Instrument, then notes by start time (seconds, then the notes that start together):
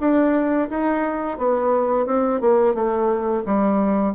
bassoon
0.00 D4
0.70 D#4
1.38 B3
2.06 C4
2.41 A#3
2.75 A3
3.46 G3